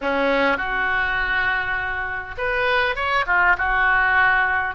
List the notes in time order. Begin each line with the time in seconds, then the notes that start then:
0.01 C#4
0.57 F#4
2.37 B4
2.95 C#5
3.26 F4
3.57 F#4